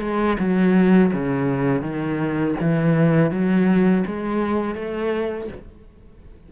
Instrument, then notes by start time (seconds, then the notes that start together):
cello
0.00 G#3
0.39 F#3
1.13 C#3
1.81 D#3
2.60 E3
3.31 F#3
4.06 G#3
4.75 A3